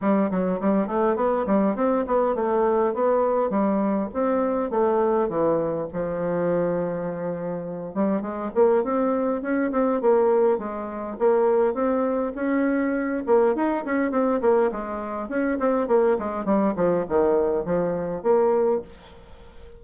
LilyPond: \new Staff \with { instrumentName = "bassoon" } { \time 4/4 \tempo 4 = 102 g8 fis8 g8 a8 b8 g8 c'8 b8 | a4 b4 g4 c'4 | a4 e4 f2~ | f4. g8 gis8 ais8 c'4 |
cis'8 c'8 ais4 gis4 ais4 | c'4 cis'4. ais8 dis'8 cis'8 | c'8 ais8 gis4 cis'8 c'8 ais8 gis8 | g8 f8 dis4 f4 ais4 | }